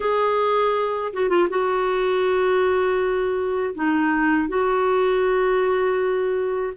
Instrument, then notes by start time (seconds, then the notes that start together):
clarinet
0.00 G#4
1.13 F#4
1.29 F4
1.49 F#4
3.74 D#4
4.48 F#4